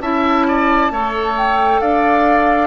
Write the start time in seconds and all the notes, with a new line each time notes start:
0.00 C#4 E4 E5 A5
0.48 D5
0.91 A3 A4 C#5
1.37 G5
1.81 D4 D5 F5